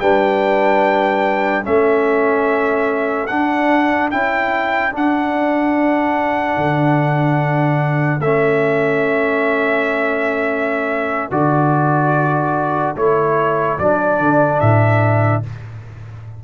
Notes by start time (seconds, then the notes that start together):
0.00 G3 D4 B4 G5
1.63 A3 C#4 A4 E5
3.27 D4 F#5
4.11 C#4 E4 G5
4.91 D4 F#5
6.57 D3
8.20 A3 C#4 E5
11.31 D3 F#4 D5
12.96 A3 E4 C#5
13.78 F#3 D4 D5
14.19 D3
14.60 A2 E5